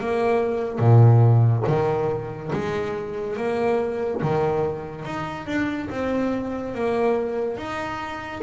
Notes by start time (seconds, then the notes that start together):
0.00 A#3
0.79 A#2
1.67 D#3
2.53 G#3
3.37 A#3
4.22 D#3
5.05 D#4
5.47 D4
5.90 C4
6.75 A#3
7.57 D#4